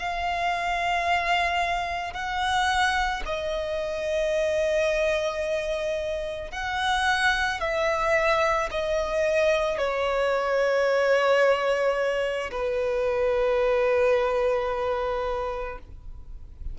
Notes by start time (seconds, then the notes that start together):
0.00 F5
2.14 F#5
3.26 D#5
6.52 F#5
7.61 E5
8.71 D#5
9.78 C#5
12.52 B4